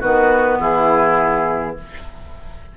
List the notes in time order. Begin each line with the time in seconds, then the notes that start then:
0.00 D#3 B3 F#4 B4
0.60 E3 E4 G#4